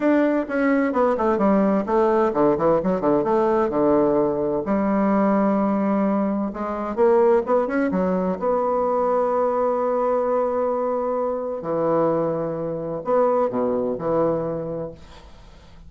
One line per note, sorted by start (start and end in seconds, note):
0.00 0.45 D4
0.48 0.92 C#4
0.92 1.15 B3
1.17 1.37 A3
1.37 1.84 G3
1.86 2.32 A3
2.33 2.56 D3
2.57 2.81 E3
2.83 3.01 F#3
3.01 3.23 D3
3.23 3.69 A3
3.69 4.62 D3
4.65 6.51 G3
6.53 6.95 G#3
6.95 7.42 A#3
7.46 7.67 B3
7.67 7.90 C#4
7.91 8.37 F#3
8.39 11.62 B3
11.62 13.01 E3
13.04 13.49 B3
13.49 13.96 B2
13.98 14.91 E3